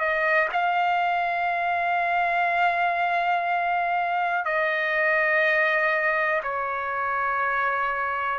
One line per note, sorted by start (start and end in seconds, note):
0.00 0.49 D#5
0.52 4.45 F5
4.45 6.42 D#5
6.43 8.40 C#5